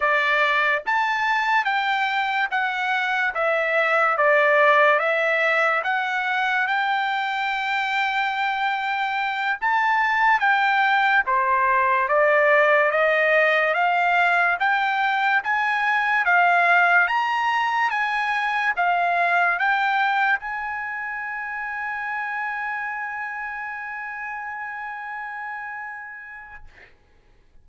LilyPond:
\new Staff \with { instrumentName = "trumpet" } { \time 4/4 \tempo 4 = 72 d''4 a''4 g''4 fis''4 | e''4 d''4 e''4 fis''4 | g''2.~ g''8 a''8~ | a''8 g''4 c''4 d''4 dis''8~ |
dis''8 f''4 g''4 gis''4 f''8~ | f''8 ais''4 gis''4 f''4 g''8~ | g''8 gis''2.~ gis''8~ | gis''1 | }